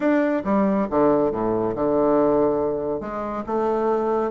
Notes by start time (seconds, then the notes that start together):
0.00 D4
0.44 G3
0.90 D3
1.31 A2
1.75 D3
3.00 G#3
3.46 A3